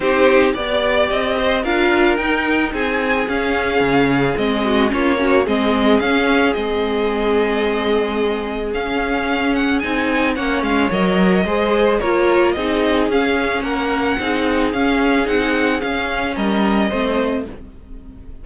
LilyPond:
<<
  \new Staff \with { instrumentName = "violin" } { \time 4/4 \tempo 4 = 110 c''4 d''4 dis''4 f''4 | g''4 gis''4 f''2 | dis''4 cis''4 dis''4 f''4 | dis''1 |
f''4. fis''8 gis''4 fis''8 f''8 | dis''2 cis''4 dis''4 | f''4 fis''2 f''4 | fis''4 f''4 dis''2 | }
  \new Staff \with { instrumentName = "violin" } { \time 4/4 g'4 d''4. c''8 ais'4~ | ais'4 gis'2.~ | gis'8 fis'8 f'8 cis'8 gis'2~ | gis'1~ |
gis'2. cis''4~ | cis''4 c''4 ais'4 gis'4~ | gis'4 ais'4 gis'2~ | gis'2 ais'4 c''4 | }
  \new Staff \with { instrumentName = "viola" } { \time 4/4 dis'4 g'2 f'4 | dis'2 cis'2 | c'4 cis'8 fis'8 c'4 cis'4 | c'1 |
cis'2 dis'4 cis'4 | ais'4 gis'4 f'4 dis'4 | cis'2 dis'4 cis'4 | dis'4 cis'2 c'4 | }
  \new Staff \with { instrumentName = "cello" } { \time 4/4 c'4 b4 c'4 d'4 | dis'4 c'4 cis'4 cis4 | gis4 ais4 gis4 cis'4 | gis1 |
cis'2 c'4 ais8 gis8 | fis4 gis4 ais4 c'4 | cis'4 ais4 c'4 cis'4 | c'4 cis'4 g4 a4 | }
>>